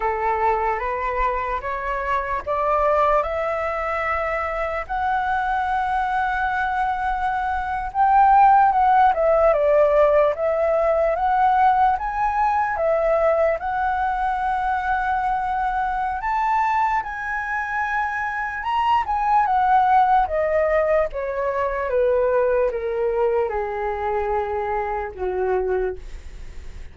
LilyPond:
\new Staff \with { instrumentName = "flute" } { \time 4/4 \tempo 4 = 74 a'4 b'4 cis''4 d''4 | e''2 fis''2~ | fis''4.~ fis''16 g''4 fis''8 e''8 d''16~ | d''8. e''4 fis''4 gis''4 e''16~ |
e''8. fis''2.~ fis''16 | a''4 gis''2 ais''8 gis''8 | fis''4 dis''4 cis''4 b'4 | ais'4 gis'2 fis'4 | }